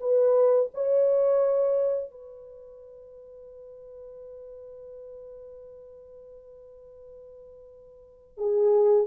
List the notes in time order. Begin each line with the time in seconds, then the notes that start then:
0.00 B4
0.74 C#5
2.11 B4
8.37 G#4